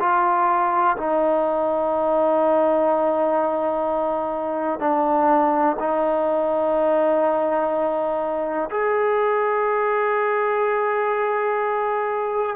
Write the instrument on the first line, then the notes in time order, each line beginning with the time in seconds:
trombone
0.00 F4
0.97 D#4
4.80 D4
5.80 D#4
8.71 G#4